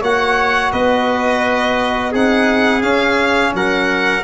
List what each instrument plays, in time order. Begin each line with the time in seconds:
0.00 tuba A#3, trombone F#4, trumpet C#5, violin F#5
0.71 tuba B3, trumpet B4, violin D#5
2.12 tuba C4, trombone D#4, trumpet G#4, violin F#5
2.82 trombone C#4, tuba C#4, violin F5
3.53 tuba F#3, trumpet A#4, violin F#5